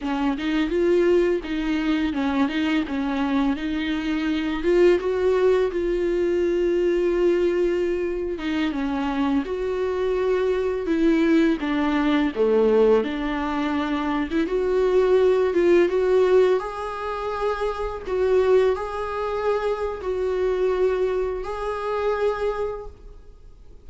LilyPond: \new Staff \with { instrumentName = "viola" } { \time 4/4 \tempo 4 = 84 cis'8 dis'8 f'4 dis'4 cis'8 dis'8 | cis'4 dis'4. f'8 fis'4 | f'2.~ f'8. dis'16~ | dis'16 cis'4 fis'2 e'8.~ |
e'16 d'4 a4 d'4.~ d'16 | e'16 fis'4. f'8 fis'4 gis'8.~ | gis'4~ gis'16 fis'4 gis'4.~ gis'16 | fis'2 gis'2 | }